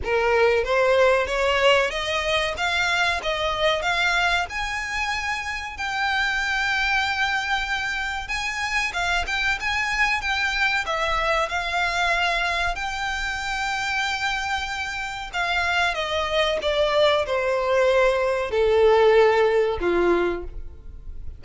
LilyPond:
\new Staff \with { instrumentName = "violin" } { \time 4/4 \tempo 4 = 94 ais'4 c''4 cis''4 dis''4 | f''4 dis''4 f''4 gis''4~ | gis''4 g''2.~ | g''4 gis''4 f''8 g''8 gis''4 |
g''4 e''4 f''2 | g''1 | f''4 dis''4 d''4 c''4~ | c''4 a'2 f'4 | }